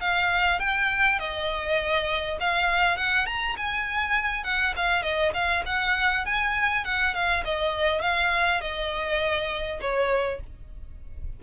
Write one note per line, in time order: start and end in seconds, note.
0.00 0.59 F5
0.59 1.19 G5
1.19 2.38 D#5
2.40 2.96 F5
2.96 3.26 F#5
3.26 3.56 A#5
3.57 4.44 G#5
4.44 4.73 F#5
4.76 5.03 F5
5.03 5.32 D#5
5.34 5.63 F5
5.66 6.25 F#5
6.25 6.84 G#5
6.84 7.14 F#5
7.14 7.44 F5
7.44 8.01 D#5
8.01 8.61 F5
8.61 9.79 D#5
9.81 10.40 C#5